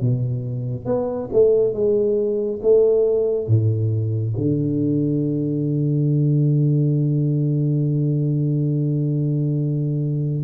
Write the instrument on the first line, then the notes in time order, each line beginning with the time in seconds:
tuba
0.00 B2
0.85 B3
1.32 A3
1.73 G#3
2.62 A3
3.47 A2
4.37 D3